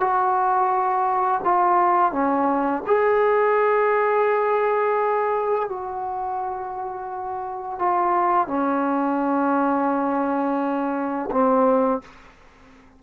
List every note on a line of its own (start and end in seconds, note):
0.00 1.41 F#4
1.44 2.12 F4
2.12 2.83 C#4
2.87 5.69 G#4
5.69 7.79 F#4
7.79 8.47 F4
8.47 11.30 C#4
11.31 12.02 C4